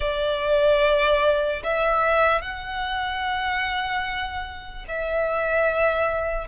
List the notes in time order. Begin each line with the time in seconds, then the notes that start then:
0.00 D5
1.63 E5
2.41 F#5
4.88 E5